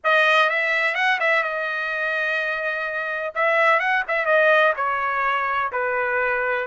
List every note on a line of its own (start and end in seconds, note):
0.03 0.49 D#5
0.49 0.94 E5
0.94 1.18 F#5
1.20 1.43 E5
1.43 3.33 D#5
3.34 3.79 E5
3.79 4.03 F#5
4.08 4.25 E5
4.25 4.73 D#5
4.76 5.71 C#5
5.71 6.67 B4